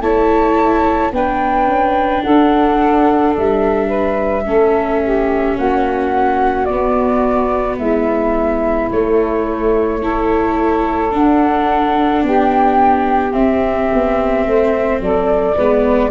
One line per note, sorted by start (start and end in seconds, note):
0.00 1.11 A3
0.00 1.13 E4
0.00 1.13 C#5
0.00 1.12 A5
1.12 1.67 B3
1.12 4.45 D4
1.12 2.24 B4
1.12 2.23 G5
1.67 2.23 C#4
2.23 3.37 D4
2.23 3.87 A4
2.23 3.34 F#5
3.37 4.46 G3
3.37 5.58 E5
3.87 4.43 B4
4.45 5.57 A3
4.45 6.67 C#4
4.45 5.02 A4
5.03 5.58 G4
5.58 6.69 A#3
5.58 7.78 F#4
5.58 6.65 F#5
6.65 7.79 B3
6.65 8.92 B3
6.65 7.76 D5
7.78 8.91 G#3
7.78 10.00 E4
7.78 8.90 E5
8.91 10.03 A3
8.91 11.13 A3
8.91 11.13 C#5
10.02 11.11 E4
10.02 12.24 A4
11.11 13.32 D4
11.11 12.23 D4
11.11 12.25 F#5
12.23 13.34 B3
12.23 14.47 G4
12.23 13.33 G5
13.32 15.54 C4
13.32 13.91 C4
13.32 15.00 E5
13.94 14.46 B3
14.46 15.00 A3
14.46 15.02 C5
15.00 15.56 F#3
15.00 15.55 A4
15.00 16.12 D5
15.55 16.12 G#3
15.55 16.12 B3
15.55 16.11 B4